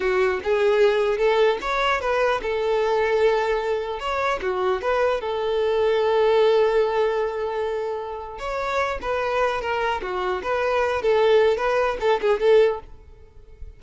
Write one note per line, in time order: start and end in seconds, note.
0.00 0.40 F#4
0.43 1.18 G#4
1.18 1.58 A4
1.61 2.00 C#5
2.00 2.40 B4
2.42 3.99 A4
3.99 4.39 C#5
4.41 4.81 F#4
4.81 5.20 B4
5.20 8.39 A4
8.39 8.99 C#5
9.01 9.61 B4
9.61 10.01 A#4
10.02 10.42 F#4
10.42 11.02 B4
11.02 11.57 A4
11.57 11.97 B4
12.00 12.20 A4
12.21 12.39 G#4
12.39 12.79 A4